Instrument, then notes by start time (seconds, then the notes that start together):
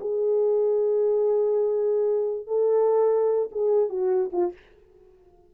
horn
0.00 G#4
2.46 A4
3.51 G#4
3.89 F#4
4.32 F4